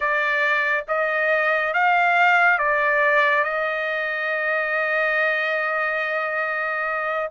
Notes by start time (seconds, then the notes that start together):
0.00 D5
0.88 D#5
1.73 F5
2.58 D5
3.44 D#5